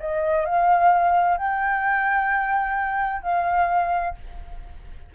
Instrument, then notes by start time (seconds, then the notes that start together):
flute
0.00 D#5
0.46 F5
1.38 G5
3.22 F5